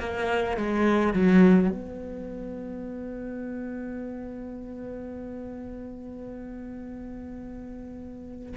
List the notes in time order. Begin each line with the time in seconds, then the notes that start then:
0.00 A#3
0.57 G#3
1.13 F#3
1.70 B3